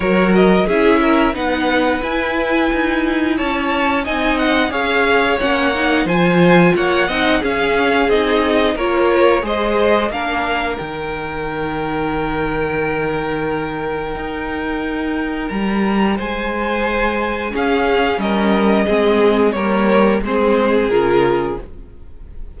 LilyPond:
<<
  \new Staff \with { instrumentName = "violin" } { \time 4/4 \tempo 4 = 89 cis''8 dis''8 e''4 fis''4 gis''4~ | gis''4 a''4 gis''8 fis''8 f''4 | fis''4 gis''4 fis''4 f''4 | dis''4 cis''4 dis''4 f''4 |
g''1~ | g''2. ais''4 | gis''2 f''4 dis''4~ | dis''4 cis''4 c''4 ais'4 | }
  \new Staff \with { instrumentName = "violin" } { \time 4/4 ais'4 gis'8 ais'8 b'2~ | b'4 cis''4 dis''4 cis''4~ | cis''4 c''4 cis''8 dis''8 gis'4~ | gis'4 ais'4 c''4 ais'4~ |
ais'1~ | ais'1 | c''2 gis'4 ais'4 | gis'4 ais'4 gis'2 | }
  \new Staff \with { instrumentName = "viola" } { \time 4/4 fis'4 e'4 dis'4 e'4~ | e'2 dis'4 gis'4 | cis'8 dis'8 f'4. dis'8 cis'4 | dis'4 f'4 gis'4 d'4 |
dis'1~ | dis'1~ | dis'2 cis'2 | c'4 ais4 c'4 f'4 | }
  \new Staff \with { instrumentName = "cello" } { \time 4/4 fis4 cis'4 b4 e'4 | dis'4 cis'4 c'4 cis'4 | ais4 f4 ais8 c'8 cis'4 | c'4 ais4 gis4 ais4 |
dis1~ | dis4 dis'2 g4 | gis2 cis'4 g4 | gis4 g4 gis4 cis4 | }
>>